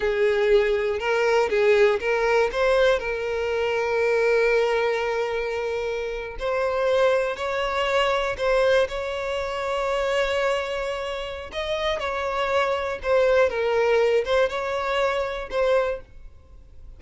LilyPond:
\new Staff \with { instrumentName = "violin" } { \time 4/4 \tempo 4 = 120 gis'2 ais'4 gis'4 | ais'4 c''4 ais'2~ | ais'1~ | ais'8. c''2 cis''4~ cis''16~ |
cis''8. c''4 cis''2~ cis''16~ | cis''2. dis''4 | cis''2 c''4 ais'4~ | ais'8 c''8 cis''2 c''4 | }